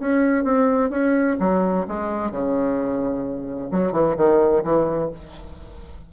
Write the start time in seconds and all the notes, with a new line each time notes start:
0.00 C#4
0.45 C4
0.90 C#4
1.40 F#3
1.88 G#3
2.32 C#3
3.72 F#3
3.93 E3
4.17 D#3
4.64 E3